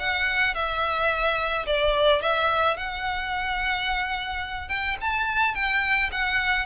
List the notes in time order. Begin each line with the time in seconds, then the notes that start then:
0.00 F#5
0.55 E5
1.67 D5
2.22 E5
2.77 F#5
4.69 G5
5.01 A5
5.55 G5
6.12 F#5